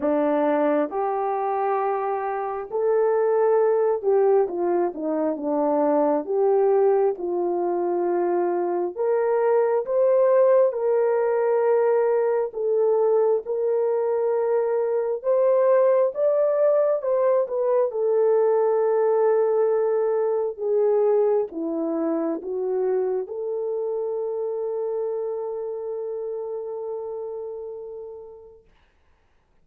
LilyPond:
\new Staff \with { instrumentName = "horn" } { \time 4/4 \tempo 4 = 67 d'4 g'2 a'4~ | a'8 g'8 f'8 dis'8 d'4 g'4 | f'2 ais'4 c''4 | ais'2 a'4 ais'4~ |
ais'4 c''4 d''4 c''8 b'8 | a'2. gis'4 | e'4 fis'4 a'2~ | a'1 | }